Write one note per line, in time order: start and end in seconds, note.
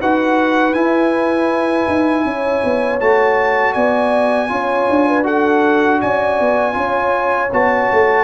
0.00 0.73 D#4
0.00 0.74 F#4
0.00 2.25 B4
0.00 0.73 F#5
0.73 1.86 E4
0.73 2.99 E4
0.73 2.98 G#5
1.87 2.25 D#4
2.25 2.62 C#4
2.25 3.74 C#5
2.64 3.00 B3
3.00 3.75 A3
3.00 4.48 F#4
3.00 3.73 A5
3.73 4.50 B3
3.73 4.49 D5
3.73 5.23 G#5
4.48 4.88 C#4
4.48 5.23 F4
4.48 5.08 C#5
4.89 6.02 D4
5.08 5.24 B4
5.23 6.73 F#4
5.23 5.99 A4
5.23 6.00 F#5
6.00 6.40 C#4
6.00 6.75 D5
6.00 7.51 G#5
6.40 6.75 B3
6.73 7.50 C#4
6.73 7.48 F4
6.73 8.24 C#5
7.52 7.90 B3
7.52 8.24 F#4
7.52 8.24 A5
7.91 8.24 A3